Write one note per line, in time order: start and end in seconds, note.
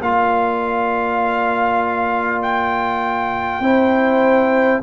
0.00 3.60 A#3
0.00 3.62 F4
0.00 3.62 D5
0.00 2.42 F5
2.42 4.82 G5
3.60 4.79 C4
3.60 4.82 E4
3.60 4.82 C5